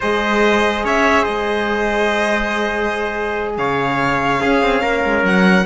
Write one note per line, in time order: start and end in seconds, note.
0.00 0.84 G#3
0.00 4.40 G#4
0.00 0.83 C5
0.00 0.85 D#5
0.84 1.26 C#4
0.84 1.22 C#5
0.84 1.24 E5
1.22 3.57 G#3
1.22 3.53 C5
1.22 3.55 D#5
3.57 4.41 C#3
3.57 4.40 C#5
3.57 5.25 F5
4.40 5.65 C#4
4.40 4.61 C#4
4.40 4.81 G#4
4.61 4.82 C4
4.81 5.04 A#3
4.81 5.65 A#4
5.04 5.23 G#3
5.23 5.65 F#3
5.23 5.66 F#5